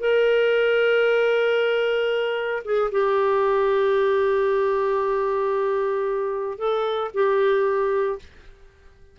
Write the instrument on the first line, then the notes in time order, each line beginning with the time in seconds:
clarinet
0.00 A#4
2.65 G#4
2.92 G4
6.59 A4
7.14 G4